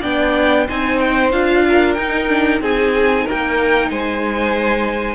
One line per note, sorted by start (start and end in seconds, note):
0.00 0.68 B3
0.00 0.67 D4
0.00 0.65 D5
0.00 0.68 G5
0.68 1.33 C4
0.68 1.32 D#4
0.68 1.65 C5
0.68 0.99 G#5
0.99 1.31 G5
1.32 1.97 D4
1.32 1.97 F4
1.32 1.94 F5
1.69 2.62 A#4
1.94 2.61 D#4
1.94 2.28 D#4
1.94 2.59 G5
2.28 2.60 D4
2.61 3.26 C4
2.61 5.15 D#4
2.61 3.25 G#4
2.61 3.27 G#5
3.25 3.90 A#3
3.25 3.89 A#4
3.25 3.90 G5
3.90 5.15 G#3
3.90 5.15 C5
3.90 5.15 G#5